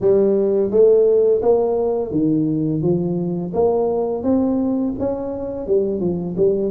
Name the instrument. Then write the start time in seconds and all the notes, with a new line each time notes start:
tuba
0.00 G3
0.70 A3
1.41 A#3
2.11 D#3
2.81 F3
3.53 A#3
4.23 C4
4.99 C#4
5.67 G3
6.00 F3
6.37 G3